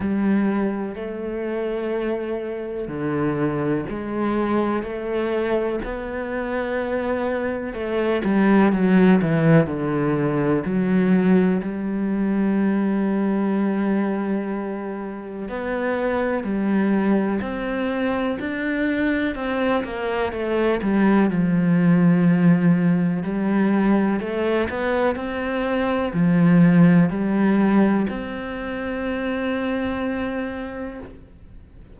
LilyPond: \new Staff \with { instrumentName = "cello" } { \time 4/4 \tempo 4 = 62 g4 a2 d4 | gis4 a4 b2 | a8 g8 fis8 e8 d4 fis4 | g1 |
b4 g4 c'4 d'4 | c'8 ais8 a8 g8 f2 | g4 a8 b8 c'4 f4 | g4 c'2. | }